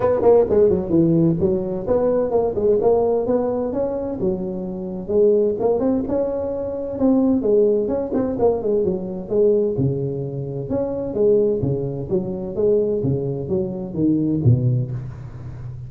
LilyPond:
\new Staff \with { instrumentName = "tuba" } { \time 4/4 \tempo 4 = 129 b8 ais8 gis8 fis8 e4 fis4 | b4 ais8 gis8 ais4 b4 | cis'4 fis2 gis4 | ais8 c'8 cis'2 c'4 |
gis4 cis'8 c'8 ais8 gis8 fis4 | gis4 cis2 cis'4 | gis4 cis4 fis4 gis4 | cis4 fis4 dis4 b,4 | }